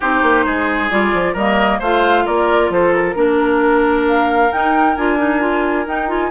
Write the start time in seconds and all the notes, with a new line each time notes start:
0.00 C4 D#4 G4 C5
0.22 A#3
0.45 G#3 G#4
0.90 G3 F4 D5
1.13 F3
1.33 G3 A#3 A#4 D#5
1.79 A3 F4 C5 F5
2.25 A#3 A#4 D5
2.69 F3 A4 C5
2.94 A#4
3.15 A#3 D4 A#4
4.07 F5
4.51 D#4 G5
4.96 D4 F4 G#5
5.18 D#4
5.40 F4
5.87 D#4 G5
6.08 F4 G#5